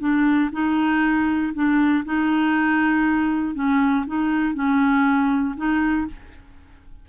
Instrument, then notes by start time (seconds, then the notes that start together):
clarinet
0.00 D4
0.52 D#4
1.54 D4
2.05 D#4
3.55 C#4
4.07 D#4
4.54 C#4
5.57 D#4